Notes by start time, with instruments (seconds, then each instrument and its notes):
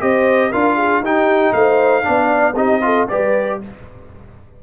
0.00 tuba C4, trombone G4, horn C5, trumpet D#5
0.50 tuba D4, trombone F4, horn A#4, trumpet F5
0.76 horn G#4
1.00 tuba D#4, trombone D#4, horn G4, trumpet G5
1.53 tuba A3, horn C5, trumpet F5
2.02 tuba B3, trombone D4, horn D5
2.54 tuba C4, trombone D#4, horn G4, trumpet D#5
2.82 trombone F4, horn A4
3.08 tuba G3, trombone G4, horn B4, trumpet D5